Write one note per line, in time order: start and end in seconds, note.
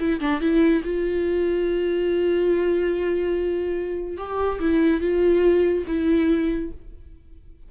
0.00 0.20 E4
0.20 0.41 D4
0.41 0.83 E4
0.84 4.17 F4
4.17 4.59 G4
4.60 5.01 E4
5.01 5.85 F4
5.87 6.71 E4